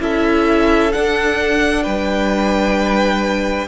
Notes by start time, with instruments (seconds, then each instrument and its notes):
0.00 cello C#4, viola E4, violin A4 E5
0.92 viola D4, cello D4, violin F#5
1.83 cello G3, violin B4 G5